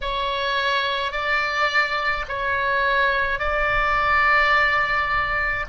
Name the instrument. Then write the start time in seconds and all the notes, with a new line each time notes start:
oboe
0.01 C#5
1.12 D5
2.28 C#5
3.39 D5